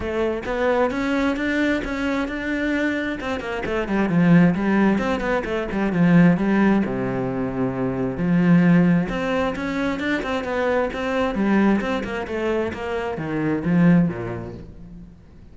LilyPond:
\new Staff \with { instrumentName = "cello" } { \time 4/4 \tempo 4 = 132 a4 b4 cis'4 d'4 | cis'4 d'2 c'8 ais8 | a8 g8 f4 g4 c'8 b8 | a8 g8 f4 g4 c4~ |
c2 f2 | c'4 cis'4 d'8 c'8 b4 | c'4 g4 c'8 ais8 a4 | ais4 dis4 f4 ais,4 | }